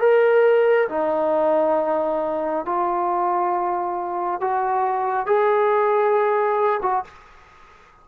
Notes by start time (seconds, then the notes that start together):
0.00 A#4
0.89 D#4
2.66 F4
4.40 F#4
5.26 G#4
6.82 F#4